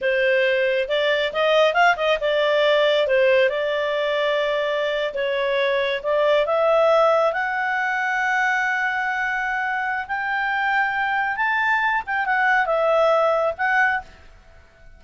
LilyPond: \new Staff \with { instrumentName = "clarinet" } { \time 4/4 \tempo 4 = 137 c''2 d''4 dis''4 | f''8 dis''8 d''2 c''4 | d''2.~ d''8. cis''16~ | cis''4.~ cis''16 d''4 e''4~ e''16~ |
e''8. fis''2.~ fis''16~ | fis''2. g''4~ | g''2 a''4. g''8 | fis''4 e''2 fis''4 | }